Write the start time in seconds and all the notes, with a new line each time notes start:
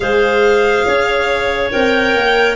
0.00 G#3 G#4 C5 F5
0.86 C#4 C#5
1.70 C4 A#4 G5
2.14 A#3